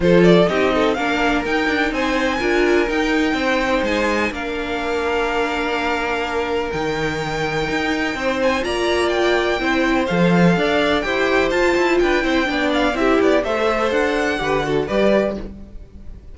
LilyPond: <<
  \new Staff \with { instrumentName = "violin" } { \time 4/4 \tempo 4 = 125 c''8 d''8 dis''4 f''4 g''4 | gis''2 g''2 | gis''4 f''2.~ | f''2 g''2~ |
g''4. gis''8 ais''4 g''4~ | g''4 f''2 g''4 | a''4 g''4. f''8 e''8 d''8 | e''4 fis''2 d''4 | }
  \new Staff \with { instrumentName = "violin" } { \time 4/4 a'4 g'8 a'8 ais'2 | c''4 ais'2 c''4~ | c''4 ais'2.~ | ais'1~ |
ais'4 c''4 d''2 | c''2 d''4 c''4~ | c''4 b'8 c''8 d''4 g'4 | c''2 b'8 a'8 b'4 | }
  \new Staff \with { instrumentName = "viola" } { \time 4/4 f'4 dis'4 d'4 dis'4~ | dis'4 f'4 dis'2~ | dis'4 d'2.~ | d'2 dis'2~ |
dis'2 f'2 | e'4 a'2 g'4 | f'4. e'8 d'4 e'4 | a'2 g'8 fis'8 g'4 | }
  \new Staff \with { instrumentName = "cello" } { \time 4/4 f4 c'4 ais4 dis'8 d'8 | c'4 d'4 dis'4 c'4 | gis4 ais2.~ | ais2 dis2 |
dis'4 c'4 ais2 | c'4 f4 d'4 e'4 | f'8 e'8 d'8 c'8 b4 c'8 b8 | a4 d'4 d4 g4 | }
>>